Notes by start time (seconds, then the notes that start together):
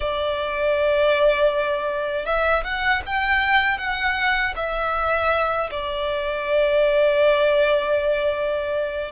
0.00 D5
2.25 E5
2.64 F#5
3.06 G5
3.78 F#5
4.56 E5
5.70 D5